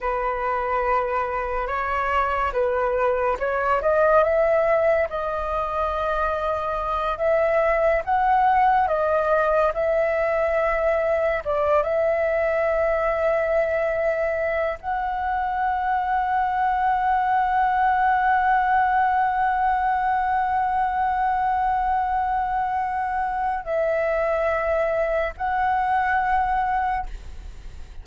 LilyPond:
\new Staff \with { instrumentName = "flute" } { \time 4/4 \tempo 4 = 71 b'2 cis''4 b'4 | cis''8 dis''8 e''4 dis''2~ | dis''8 e''4 fis''4 dis''4 e''8~ | e''4. d''8 e''2~ |
e''4. fis''2~ fis''8~ | fis''1~ | fis''1 | e''2 fis''2 | }